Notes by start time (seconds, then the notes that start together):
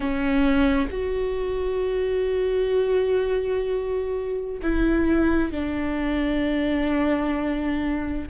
0.00 C#4
0.90 F#4
4.62 E4
5.51 D4